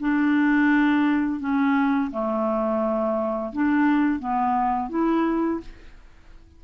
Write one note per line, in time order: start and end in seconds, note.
0.00 1.40 D4
1.40 2.11 C#4
2.11 3.53 A3
3.53 4.20 D4
4.20 4.90 B3
4.90 5.61 E4